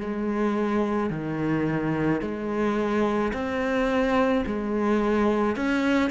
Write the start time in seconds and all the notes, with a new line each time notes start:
0.00 G#3
1.10 D#3
2.21 G#3
3.33 C4
4.45 G#3
5.56 C#4